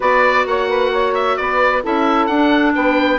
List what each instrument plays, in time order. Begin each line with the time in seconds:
0.00 bassoon B3, clarinet F#4, saxophone B4, oboe D5
0.45 bassoon A#3, saxophone C#5, oboe F#5
0.68 saxophone B4
0.91 saxophone C#5
1.14 oboe E5
1.36 bassoon B3, saxophone B4, oboe D5
1.82 bassoon C#4, clarinet E4, saxophone A4, oboe E5
2.26 bassoon D4, oboe F#5
2.32 clarinet D4
2.74 bassoon B3, saxophone B4, oboe G5